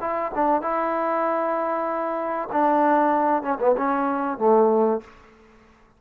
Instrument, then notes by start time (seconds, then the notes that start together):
trombone
0.00 E4
0.34 D4
0.61 E4
2.52 D4
3.42 C#4
3.59 B3
3.77 C#4
4.38 A3